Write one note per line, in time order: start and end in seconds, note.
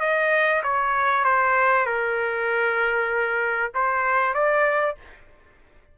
0.00 0.62 D#5
0.63 1.24 C#5
1.24 1.86 C5
1.86 3.72 A#4
3.74 4.34 C5
4.34 4.96 D5